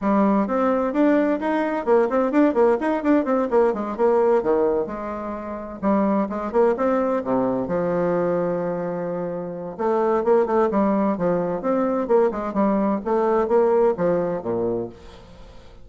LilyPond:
\new Staff \with { instrumentName = "bassoon" } { \time 4/4 \tempo 4 = 129 g4 c'4 d'4 dis'4 | ais8 c'8 d'8 ais8 dis'8 d'8 c'8 ais8 | gis8 ais4 dis4 gis4.~ | gis8 g4 gis8 ais8 c'4 c8~ |
c8 f2.~ f8~ | f4 a4 ais8 a8 g4 | f4 c'4 ais8 gis8 g4 | a4 ais4 f4 ais,4 | }